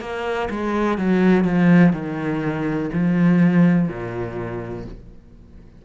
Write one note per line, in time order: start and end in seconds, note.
0.00 0.48 A#3
0.50 0.98 G#3
0.98 1.44 F#3
1.44 1.92 F3
1.92 2.89 D#3
2.93 3.88 F3
3.88 4.85 A#2